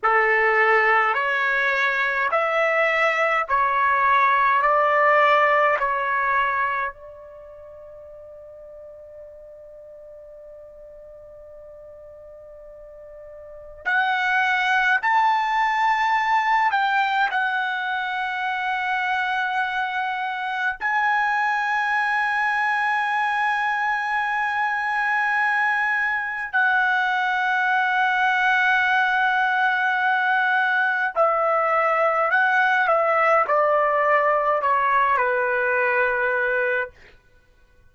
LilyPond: \new Staff \with { instrumentName = "trumpet" } { \time 4/4 \tempo 4 = 52 a'4 cis''4 e''4 cis''4 | d''4 cis''4 d''2~ | d''1 | fis''4 a''4. g''8 fis''4~ |
fis''2 gis''2~ | gis''2. fis''4~ | fis''2. e''4 | fis''8 e''8 d''4 cis''8 b'4. | }